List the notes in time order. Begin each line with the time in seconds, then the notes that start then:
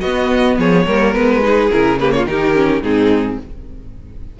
0.00 B3 F#4 D#5
0.58 F3 G#4 C#5
0.86 G3 A#3 A#4
1.13 G#3 B3 B4
1.42 D#4 G#4
1.71 C#3 E4 A#4
2.00 A#3 G4 B4
2.11 F4 C#5
2.25 D#3 D#4 G4 A#4
2.54 C#4
2.81 G#2 C4 D#4 G#4